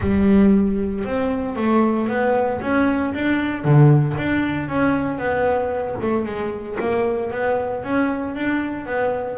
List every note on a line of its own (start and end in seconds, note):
0.00 1.04 G3
1.04 1.56 C4
1.56 2.08 A3
2.08 2.60 B3
2.61 3.13 C#4
3.14 3.64 D4
3.64 4.16 D3
4.17 4.68 D4
4.68 5.17 C#4
5.17 5.96 B3
6.01 6.25 A3
6.25 6.77 G#3
6.79 7.31 A#3
7.31 7.83 B3
7.83 8.35 C#4
8.35 8.86 D4
8.86 9.37 B3